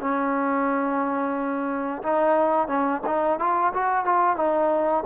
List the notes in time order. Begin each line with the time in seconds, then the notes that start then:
0.00 C#4
2.03 D#4
2.68 C#4
3.06 D#4
3.39 F4
3.74 F#4
4.05 F4
4.36 D#4